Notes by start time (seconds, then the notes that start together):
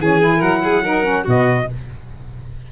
0.00 E3 C#4 G#4 G#5
0.20 E4
0.38 F#3 A#4 F#5
0.64 G#4
0.83 D#4 A#4
1.03 C#4
1.24 B2 B3 F#4 D#5